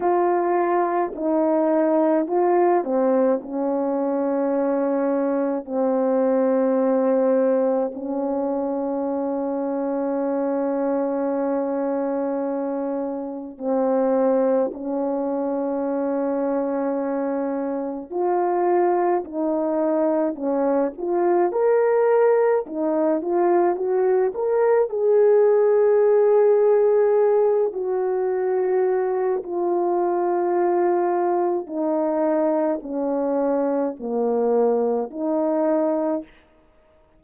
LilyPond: \new Staff \with { instrumentName = "horn" } { \time 4/4 \tempo 4 = 53 f'4 dis'4 f'8 c'8 cis'4~ | cis'4 c'2 cis'4~ | cis'1 | c'4 cis'2. |
f'4 dis'4 cis'8 f'8 ais'4 | dis'8 f'8 fis'8 ais'8 gis'2~ | gis'8 fis'4. f'2 | dis'4 cis'4 ais4 dis'4 | }